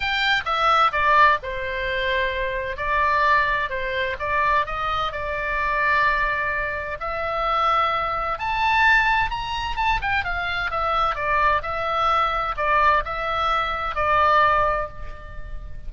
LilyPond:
\new Staff \with { instrumentName = "oboe" } { \time 4/4 \tempo 4 = 129 g''4 e''4 d''4 c''4~ | c''2 d''2 | c''4 d''4 dis''4 d''4~ | d''2. e''4~ |
e''2 a''2 | ais''4 a''8 g''8 f''4 e''4 | d''4 e''2 d''4 | e''2 d''2 | }